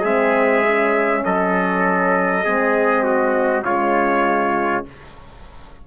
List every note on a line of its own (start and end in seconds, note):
0.00 1.23 G#3
0.00 0.64 C4
0.00 1.20 G#4
0.00 1.24 E5
0.67 2.44 C#4
1.24 2.45 F#3
1.24 2.44 A4
1.24 3.64 D#5
2.44 3.64 G#3
2.44 3.64 C4
2.44 3.03 G#4
3.03 3.63 F#4
3.64 4.83 C#3
3.64 4.86 G#3
3.64 4.84 F4
3.64 4.84 C#5